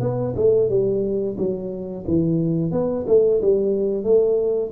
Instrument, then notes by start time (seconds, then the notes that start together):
tuba
0.00 B3
0.36 A3
0.69 G3
1.37 F#3
2.07 E3
2.71 B3
3.07 A3
3.41 G3
4.03 A3